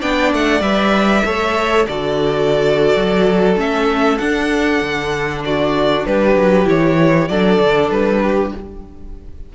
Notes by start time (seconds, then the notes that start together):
0.00 B3 D4 D5 G5
0.33 A3 F#5
0.60 G3 B4 E5
1.25 A3 A4 C#5
1.87 D3 F#4 A4 D5
2.95 F#3
3.56 A3 C#4 E5
4.18 D4 F#5
4.82 D3
5.45 F#4 D5
6.06 G3 G4 B4
6.36 F#3
6.65 E3 E4 C#5
7.28 F#3 D4 A4 D5
7.61 D3
7.90 G3 B4
8.22 G4